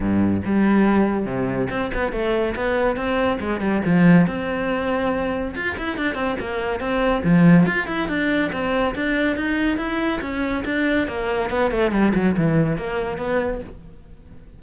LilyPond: \new Staff \with { instrumentName = "cello" } { \time 4/4 \tempo 4 = 141 g,4 g2 c4 | c'8 b8 a4 b4 c'4 | gis8 g8 f4 c'2~ | c'4 f'8 e'8 d'8 c'8 ais4 |
c'4 f4 f'8 e'8 d'4 | c'4 d'4 dis'4 e'4 | cis'4 d'4 ais4 b8 a8 | g8 fis8 e4 ais4 b4 | }